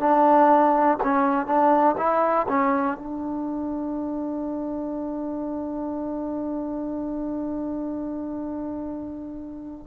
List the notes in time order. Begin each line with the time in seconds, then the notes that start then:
0.00 D4
1.04 C#4
1.47 D4
1.98 E4
2.49 C#4
2.98 D4